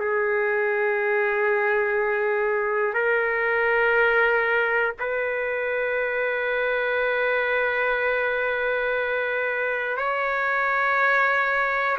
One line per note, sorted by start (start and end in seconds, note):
0.00 2.94 G#4
2.94 4.94 A#4
5.00 9.97 B4
9.97 11.97 C#5